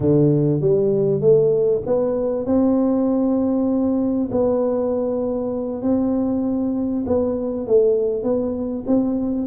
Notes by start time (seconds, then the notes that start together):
0.00 D3
0.61 G3
1.21 A3
1.86 B3
2.46 C4
4.31 B3
5.82 C4
7.06 B3
7.67 A3
8.23 B3
8.86 C4